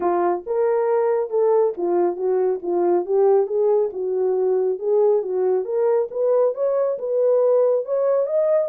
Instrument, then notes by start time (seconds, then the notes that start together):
horn
0.00 F4
0.46 A#4
1.30 A4
1.77 F4
2.16 F#4
2.62 F4
3.05 G4
3.46 G#4
3.92 F#4
4.78 G#4
5.22 F#4
5.64 A#4
6.10 B4
6.54 C#5
6.98 B4
7.85 C#5
8.26 D#5